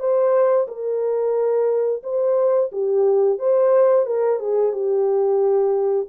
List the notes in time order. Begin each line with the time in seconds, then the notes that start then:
0.00 C5
0.68 A#4
2.03 C5
2.72 G4
3.39 C5
4.07 A#4
4.40 G#4
4.73 G4